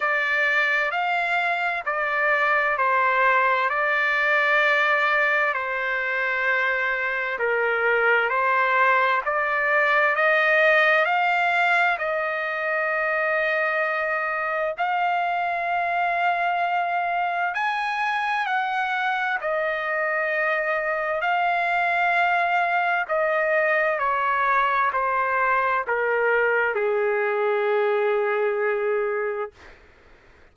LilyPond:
\new Staff \with { instrumentName = "trumpet" } { \time 4/4 \tempo 4 = 65 d''4 f''4 d''4 c''4 | d''2 c''2 | ais'4 c''4 d''4 dis''4 | f''4 dis''2. |
f''2. gis''4 | fis''4 dis''2 f''4~ | f''4 dis''4 cis''4 c''4 | ais'4 gis'2. | }